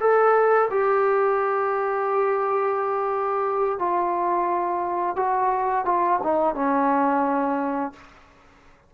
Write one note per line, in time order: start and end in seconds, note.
0.00 0.69 A4
0.70 3.79 G4
3.79 5.16 F4
5.16 5.85 F#4
5.85 6.19 F4
6.23 6.55 D#4
6.55 7.93 C#4